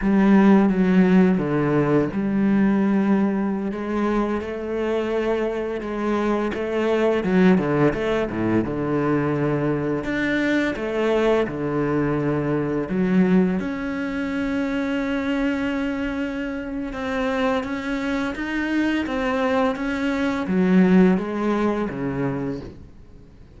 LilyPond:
\new Staff \with { instrumentName = "cello" } { \time 4/4 \tempo 4 = 85 g4 fis4 d4 g4~ | g4~ g16 gis4 a4.~ a16~ | a16 gis4 a4 fis8 d8 a8 a,16~ | a,16 d2 d'4 a8.~ |
a16 d2 fis4 cis'8.~ | cis'1 | c'4 cis'4 dis'4 c'4 | cis'4 fis4 gis4 cis4 | }